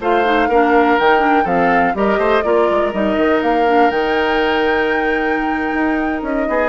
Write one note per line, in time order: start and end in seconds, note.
0.00 0.49 A3
0.00 0.25 F4
0.00 0.49 C5
0.00 0.99 F5
0.25 0.49 D#4
0.49 0.97 A#3
0.49 1.01 D4
0.49 1.44 A#4
0.99 1.45 D#3
0.99 1.19 D#4
0.99 1.47 G5
1.19 1.43 D4
1.44 1.93 F3
1.44 1.95 C4
1.44 1.92 A4
1.44 1.96 F5
1.95 2.18 G3
1.95 2.44 G4
1.95 2.19 A#4
1.95 2.43 D#5
2.18 2.42 A3
2.18 2.43 C5
2.43 2.68 A#3
2.43 2.92 F4
2.43 6.48 A#4
2.43 2.91 D5
2.70 2.93 G#3
2.93 3.16 G3
2.93 3.66 D#4
2.93 3.42 D#5
3.16 3.41 D#3
3.42 3.90 A#3
3.42 3.91 F5
3.66 3.91 D4
3.90 5.73 D#3
3.90 6.69 D#4
3.90 6.23 G5
5.74 6.22 D#4
6.22 6.47 C#4
6.22 6.69 D#5
6.48 6.69 B3
6.48 6.69 G#4